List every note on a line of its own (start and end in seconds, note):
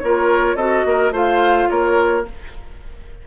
0.00 0.55 A#3
0.00 0.58 F4
0.00 0.56 A#4
0.00 0.56 C#5
0.55 0.83 C4
0.55 1.12 F#4
0.55 0.84 A4
0.55 1.12 D#5
0.85 1.11 A#3
0.85 1.13 A#4
1.11 1.67 A3
1.11 2.24 F4
1.11 1.69 C5
1.11 1.70 F5
1.70 2.27 A#3
1.70 2.26 A#4
1.70 2.26 C#5